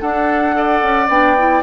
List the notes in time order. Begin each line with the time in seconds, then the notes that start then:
0.00 D4 A4 F#5
0.52 A4 D5
0.82 C#4
1.08 B3 D4 G5
1.37 E4